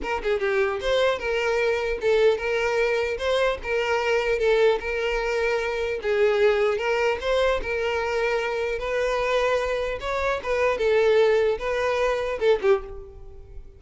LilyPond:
\new Staff \with { instrumentName = "violin" } { \time 4/4 \tempo 4 = 150 ais'8 gis'8 g'4 c''4 ais'4~ | ais'4 a'4 ais'2 | c''4 ais'2 a'4 | ais'2. gis'4~ |
gis'4 ais'4 c''4 ais'4~ | ais'2 b'2~ | b'4 cis''4 b'4 a'4~ | a'4 b'2 a'8 g'8 | }